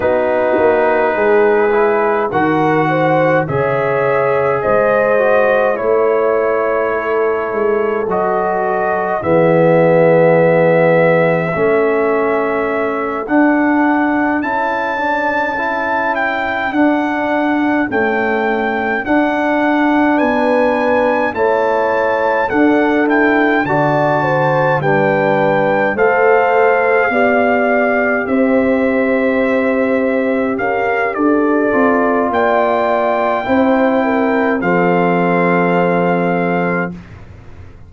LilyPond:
<<
  \new Staff \with { instrumentName = "trumpet" } { \time 4/4 \tempo 4 = 52 b'2 fis''4 e''4 | dis''4 cis''2 dis''4 | e''2.~ e''8 fis''8~ | fis''8 a''4. g''8 fis''4 g''8~ |
g''8 fis''4 gis''4 a''4 fis''8 | g''8 a''4 g''4 f''4.~ | f''8 e''2 f''8 d''4 | g''2 f''2 | }
  \new Staff \with { instrumentName = "horn" } { \time 4/4 fis'4 gis'4 ais'8 c''8 cis''4 | c''4 cis''4 a'2 | gis'2 a'2~ | a'1~ |
a'4. b'4 cis''4 a'8~ | a'8 d''8 c''8 b'4 c''4 d''8~ | d''8 c''2 ais'8 a'4 | d''4 c''8 ais'8 a'2 | }
  \new Staff \with { instrumentName = "trombone" } { \time 4/4 dis'4. e'8 fis'4 gis'4~ | gis'8 fis'8 e'2 fis'4 | b2 cis'4. d'8~ | d'8 e'8 d'8 e'4 d'4 a8~ |
a8 d'2 e'4 d'8 | e'8 fis'4 d'4 a'4 g'8~ | g'2.~ g'8 f'8~ | f'4 e'4 c'2 | }
  \new Staff \with { instrumentName = "tuba" } { \time 4/4 b8 ais8 gis4 dis4 cis4 | gis4 a4. gis8 fis4 | e2 a4. d'8~ | d'8 cis'2 d'4 cis'8~ |
cis'8 d'4 b4 a4 d'8~ | d'8 d4 g4 a4 b8~ | b8 c'2 cis'8 d'8 c'8 | ais4 c'4 f2 | }
>>